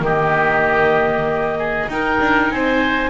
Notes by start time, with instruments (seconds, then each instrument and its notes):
0.00 double bass D#3, viola A#3, oboe G4, clarinet D#5
1.58 oboe G#4
1.88 double bass D#4, viola D#4, oboe A#4, clarinet G5
2.20 double bass D4
2.51 double bass C4, oboe C5, clarinet G#5